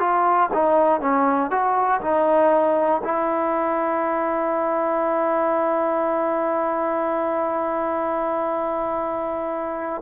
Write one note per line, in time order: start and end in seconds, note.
0.00 0.50 F4
0.54 1.01 D#4
1.01 1.51 C#4
1.51 2.01 F#4
2.02 3.02 D#4
3.05 10.02 E4